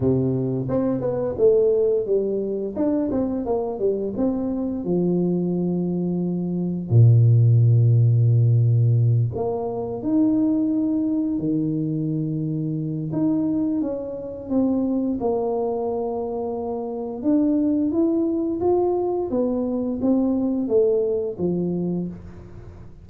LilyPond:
\new Staff \with { instrumentName = "tuba" } { \time 4/4 \tempo 4 = 87 c4 c'8 b8 a4 g4 | d'8 c'8 ais8 g8 c'4 f4~ | f2 ais,2~ | ais,4. ais4 dis'4.~ |
dis'8 dis2~ dis8 dis'4 | cis'4 c'4 ais2~ | ais4 d'4 e'4 f'4 | b4 c'4 a4 f4 | }